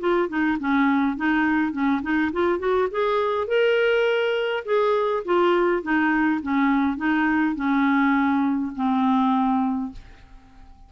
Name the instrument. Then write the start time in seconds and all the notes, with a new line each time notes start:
clarinet
0.00 F4
0.29 D#4
0.60 C#4
1.17 D#4
1.72 C#4
2.02 D#4
2.33 F4
2.59 F#4
2.91 G#4
3.48 A#4
4.65 G#4
5.25 F4
5.83 D#4
6.42 C#4
6.97 D#4
7.56 C#4
8.76 C4